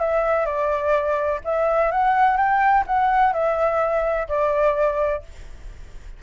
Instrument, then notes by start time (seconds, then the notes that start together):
flute
0.00 E5
0.46 D5
1.44 E5
1.92 F#5
2.37 G5
2.87 F#5
3.33 E5
4.28 D5